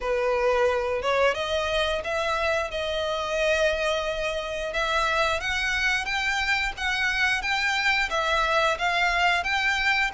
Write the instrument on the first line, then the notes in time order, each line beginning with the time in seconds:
violin
0.01 B4
1.01 C#5
1.34 D#5
2.03 E5
2.70 D#5
4.73 E5
5.40 F#5
6.05 G5
6.77 F#5
7.42 G5
8.10 E5
8.78 F5
9.43 G5